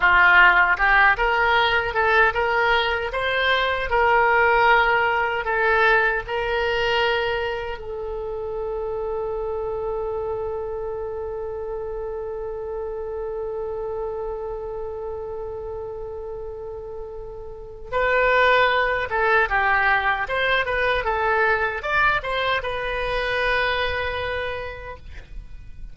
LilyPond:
\new Staff \with { instrumentName = "oboe" } { \time 4/4 \tempo 4 = 77 f'4 g'8 ais'4 a'8 ais'4 | c''4 ais'2 a'4 | ais'2 a'2~ | a'1~ |
a'1~ | a'2. b'4~ | b'8 a'8 g'4 c''8 b'8 a'4 | d''8 c''8 b'2. | }